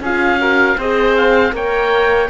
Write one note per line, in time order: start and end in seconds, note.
0.00 0.76 C#4
0.00 0.39 F4
0.00 0.40 G#4
0.00 0.81 F5
0.39 0.77 F#4
0.39 0.78 A#4
0.78 1.53 C4
0.78 1.52 G#4
0.78 1.54 C5
0.78 1.17 D#5
1.17 1.55 F5
1.52 2.29 A#3
1.52 2.28 A#4
1.52 2.30 C#5
1.52 2.30 G5